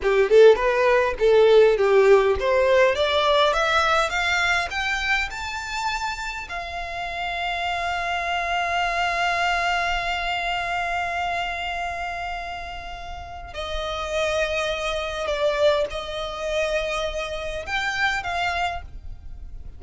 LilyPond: \new Staff \with { instrumentName = "violin" } { \time 4/4 \tempo 4 = 102 g'8 a'8 b'4 a'4 g'4 | c''4 d''4 e''4 f''4 | g''4 a''2 f''4~ | f''1~ |
f''1~ | f''2. dis''4~ | dis''2 d''4 dis''4~ | dis''2 g''4 f''4 | }